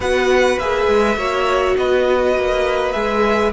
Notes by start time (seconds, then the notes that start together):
0.00 B3 F#4 B4 F#5
0.58 A#3 G#4 E5
0.87 G#3
1.16 A#3 F#4 C#5
1.77 B3 B4 D#5
2.36 A#3
2.92 G#3 G#4 E5